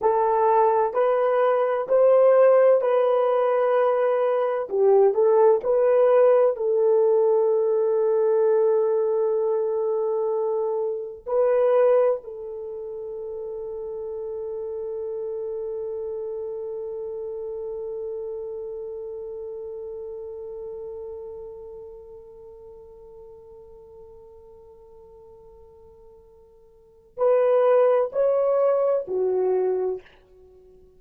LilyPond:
\new Staff \with { instrumentName = "horn" } { \time 4/4 \tempo 4 = 64 a'4 b'4 c''4 b'4~ | b'4 g'8 a'8 b'4 a'4~ | a'1 | b'4 a'2.~ |
a'1~ | a'1~ | a'1~ | a'4 b'4 cis''4 fis'4 | }